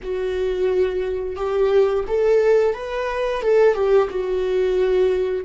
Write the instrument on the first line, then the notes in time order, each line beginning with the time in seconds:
viola
0.02 F#4
1.36 G4
2.07 A4
2.73 B4
3.42 A4
3.74 G4
4.10 F#4